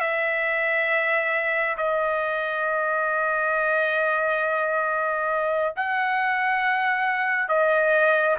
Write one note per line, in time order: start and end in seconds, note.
0.00 1.76 E5
1.77 5.74 D#5
5.76 7.48 F#5
7.48 8.37 D#5